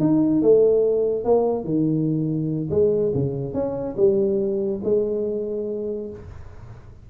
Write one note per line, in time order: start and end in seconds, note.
0.00 0.42 D#4
0.42 1.24 A3
1.24 1.64 A#3
1.64 2.69 D#3
2.70 3.12 G#3
3.14 3.54 C#3
3.54 3.96 C#4
3.97 4.81 G3
4.84 6.10 G#3